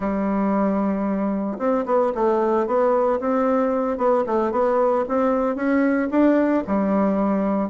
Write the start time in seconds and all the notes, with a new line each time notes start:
0.00 G3
1.58 C4
1.85 B3
2.14 A3
2.66 B3
3.20 C4
3.97 B3
4.26 A3
4.51 B3
5.08 C4
5.55 C#4
6.10 D4
6.67 G3